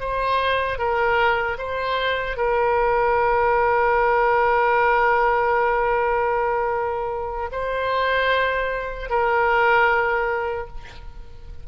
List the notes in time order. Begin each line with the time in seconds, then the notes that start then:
0.00 C5
0.78 A#4
1.58 C5
2.37 A#4
7.51 C5
9.09 A#4